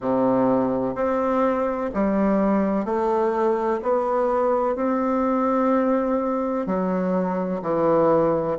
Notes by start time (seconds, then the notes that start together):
0.00 C3
0.95 C4
1.94 G3
2.85 A3
3.82 B3
4.75 C4
6.66 F#3
7.61 E3